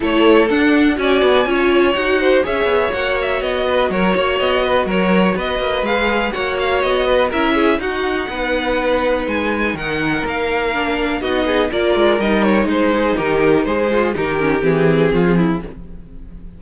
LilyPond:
<<
  \new Staff \with { instrumentName = "violin" } { \time 4/4 \tempo 4 = 123 cis''4 fis''4 gis''2 | fis''4 e''4 fis''8 e''8 dis''4 | cis''4 dis''4 cis''4 dis''4 | f''4 fis''8 f''8 dis''4 e''4 |
fis''2. gis''4 | fis''4 f''2 dis''4 | d''4 dis''8 cis''8 c''4 ais'4 | c''4 ais'4 gis'2 | }
  \new Staff \with { instrumentName = "violin" } { \time 4/4 a'2 d''4 cis''4~ | cis''8 c''8 cis''2~ cis''8 b'8 | ais'8 cis''4 b'8 ais'4 b'4~ | b'4 cis''4. b'8 ais'8 gis'8 |
fis'4 b'2. | ais'2. fis'8 gis'8 | ais'2 dis'2~ | dis'8 f'8 g'2 f'8 e'8 | }
  \new Staff \with { instrumentName = "viola" } { \time 4/4 e'4 d'4 fis'4 f'4 | fis'4 gis'4 fis'2~ | fis'1 | gis'4 fis'2 e'4 |
dis'1~ | dis'2 d'4 dis'4 | f'4 dis'4. gis'8 g'4 | gis'4 dis'8 cis'8 c'2 | }
  \new Staff \with { instrumentName = "cello" } { \time 4/4 a4 d'4 cis'8 b8 cis'4 | dis'4 cis'8 b8 ais4 b4 | fis8 ais8 b4 fis4 b8 ais8 | gis4 ais4 b4 cis'4 |
dis'4 b2 gis4 | dis4 ais2 b4 | ais8 gis8 g4 gis4 dis4 | gis4 dis4 e4 f4 | }
>>